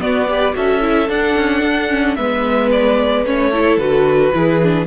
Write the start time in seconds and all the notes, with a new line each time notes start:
0.00 B3 F#4 D5
0.28 G4 B4
0.54 C#4 F#4 A4 E5
0.81 E4
1.09 D4 F#5
1.36 C#4
1.63 D4
1.90 C#4
2.16 G#3 B3 B4 E5
2.72 D5
3.26 A3 C#4 C#5
3.51 E4 A4
3.78 D3 F#4 B4
4.34 E3 E4 G#4
4.63 D4